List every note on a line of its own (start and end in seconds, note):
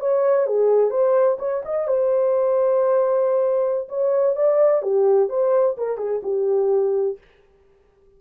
0.00 0.47 C#5
0.47 0.90 G#4
0.90 1.38 C5
1.39 1.63 C#5
1.65 1.88 D#5
1.88 3.88 C5
3.89 4.36 C#5
4.36 4.82 D5
4.82 5.29 G4
5.29 5.77 C5
5.78 5.98 A#4
5.98 6.21 G#4
6.23 7.18 G4